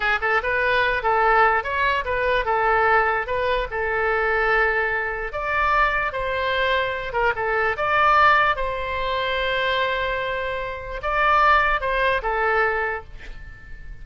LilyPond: \new Staff \with { instrumentName = "oboe" } { \time 4/4 \tempo 4 = 147 gis'8 a'8 b'4. a'4. | cis''4 b'4 a'2 | b'4 a'2.~ | a'4 d''2 c''4~ |
c''4. ais'8 a'4 d''4~ | d''4 c''2.~ | c''2. d''4~ | d''4 c''4 a'2 | }